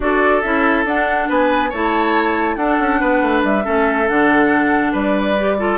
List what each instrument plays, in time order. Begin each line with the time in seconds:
0.00 bassoon D4, clarinet F#4, oboe A4, flute D5
0.41 bassoon C#4, clarinet E4, flute E5
0.85 bassoon D4, clarinet D4, flute F#5
1.28 bassoon B3, oboe B4, flute G#5
1.69 bassoon A3, clarinet E4, oboe C#5, flute A5
2.55 bassoon D4, clarinet D4, oboe A4, flute F#5
2.79 bassoon C#4
3.00 bassoon B3, oboe B4
3.22 bassoon A3
3.43 bassoon G3, flute E5
3.63 bassoon A3, clarinet C#4, oboe A4
4.07 bassoon D3, clarinet D4, flute F#5
4.92 bassoon G3, oboe B4, flute D5
5.38 clarinet G4
5.58 clarinet F4, oboe A4